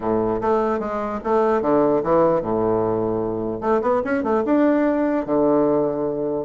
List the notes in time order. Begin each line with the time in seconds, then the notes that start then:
0.00 A2
0.41 A3
0.79 G#3
1.23 A3
1.61 D3
2.03 E3
2.41 A2
3.60 A3
3.81 B3
4.04 C#4
4.23 A3
4.45 D4
5.26 D3